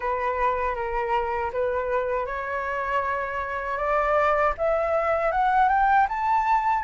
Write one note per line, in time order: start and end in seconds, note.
0.00 0.75 B4
0.75 1.51 A#4
1.53 2.26 B4
2.26 3.77 C#5
3.77 4.53 D5
4.57 5.31 E5
5.31 5.68 F#5
5.68 6.06 G5
6.08 6.84 A5